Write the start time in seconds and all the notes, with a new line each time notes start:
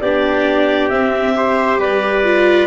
0.00 B3 D4 G4 D5
0.89 C4 E5
1.35 G4 C5
1.78 G3 B4 D5
2.24 F4